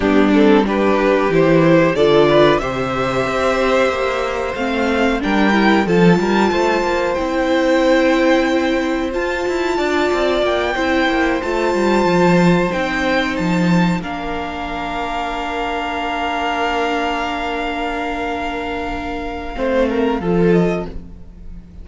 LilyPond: <<
  \new Staff \with { instrumentName = "violin" } { \time 4/4 \tempo 4 = 92 g'8 a'8 b'4 c''4 d''4 | e''2. f''4 | g''4 a''2 g''4~ | g''2 a''2 |
g''4. a''2 g''8~ | g''8 a''4 f''2~ f''8~ | f''1~ | f''2.~ f''8 dis''8 | }
  \new Staff \with { instrumentName = "violin" } { \time 4/4 d'4 g'2 a'8 b'8 | c''1 | ais'4 a'8 ais'8 c''2~ | c''2. d''4~ |
d''8 c''2.~ c''8~ | c''4. ais'2~ ais'8~ | ais'1~ | ais'2 c''8 ais'8 a'4 | }
  \new Staff \with { instrumentName = "viola" } { \time 4/4 b8 c'8 d'4 e'4 f'4 | g'2. c'4 | d'8 e'8 f'2 e'4~ | e'2 f'2~ |
f'8 e'4 f'2 dis'8~ | dis'4. d'2~ d'8~ | d'1~ | d'2 c'4 f'4 | }
  \new Staff \with { instrumentName = "cello" } { \time 4/4 g2 e4 d4 | c4 c'4 ais4 a4 | g4 f8 g8 a8 ais8 c'4~ | c'2 f'8 e'8 d'8 c'8 |
ais8 c'8 ais8 a8 g8 f4 c'8~ | c'8 f4 ais2~ ais8~ | ais1~ | ais2 a4 f4 | }
>>